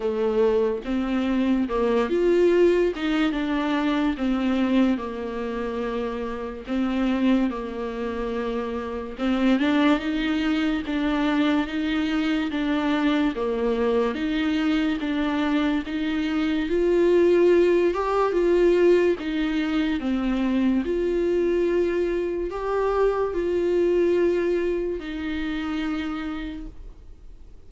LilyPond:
\new Staff \with { instrumentName = "viola" } { \time 4/4 \tempo 4 = 72 a4 c'4 ais8 f'4 dis'8 | d'4 c'4 ais2 | c'4 ais2 c'8 d'8 | dis'4 d'4 dis'4 d'4 |
ais4 dis'4 d'4 dis'4 | f'4. g'8 f'4 dis'4 | c'4 f'2 g'4 | f'2 dis'2 | }